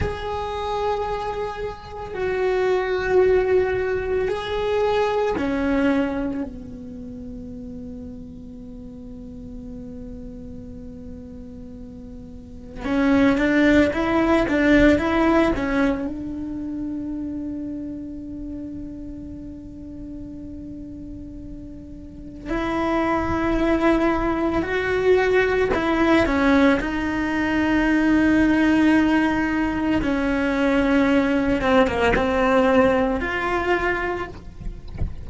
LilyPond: \new Staff \with { instrumentName = "cello" } { \time 4/4 \tempo 4 = 56 gis'2 fis'2 | gis'4 cis'4 b2~ | b1 | cis'8 d'8 e'8 d'8 e'8 cis'8 d'4~ |
d'1~ | d'4 e'2 fis'4 | e'8 cis'8 dis'2. | cis'4. c'16 ais16 c'4 f'4 | }